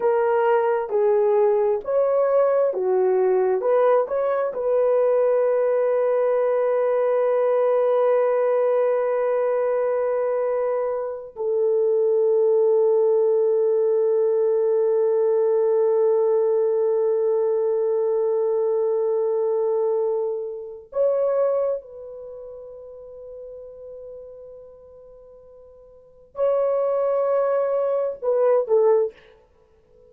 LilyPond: \new Staff \with { instrumentName = "horn" } { \time 4/4 \tempo 4 = 66 ais'4 gis'4 cis''4 fis'4 | b'8 cis''8 b'2.~ | b'1~ | b'8 a'2.~ a'8~ |
a'1~ | a'2. cis''4 | b'1~ | b'4 cis''2 b'8 a'8 | }